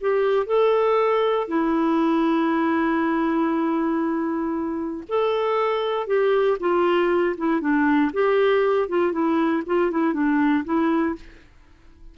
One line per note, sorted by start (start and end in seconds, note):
0.00 0.46 G4
0.46 1.47 A4
1.47 5.03 E4
5.08 6.06 A4
6.06 6.57 G4
6.59 7.35 F4
7.37 7.60 E4
7.60 8.11 D4
8.12 8.88 G4
8.88 9.12 F4
9.12 9.63 E4
9.66 9.91 F4
9.91 10.13 E4
10.13 10.64 D4
10.64 11.15 E4